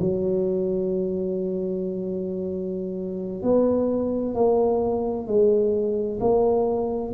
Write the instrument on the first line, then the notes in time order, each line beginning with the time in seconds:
tuba
0.00 F#3
3.43 B3
4.35 A#3
5.27 G#3
6.21 A#3